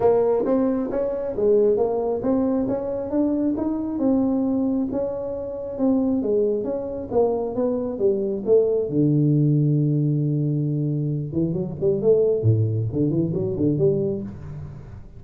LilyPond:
\new Staff \with { instrumentName = "tuba" } { \time 4/4 \tempo 4 = 135 ais4 c'4 cis'4 gis4 | ais4 c'4 cis'4 d'4 | dis'4 c'2 cis'4~ | cis'4 c'4 gis4 cis'4 |
ais4 b4 g4 a4 | d1~ | d4. e8 fis8 g8 a4 | a,4 d8 e8 fis8 d8 g4 | }